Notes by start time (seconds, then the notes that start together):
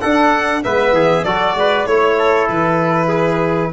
0.00 D4 A4 F#5
0.62 G#3 B3 B4 E5
0.92 E3 G#4
1.24 F#3 F#4 A4 D5
1.54 G#3 B4
1.85 A3 E4 C#5
2.18 A4
2.48 E3 B4
3.08 G#4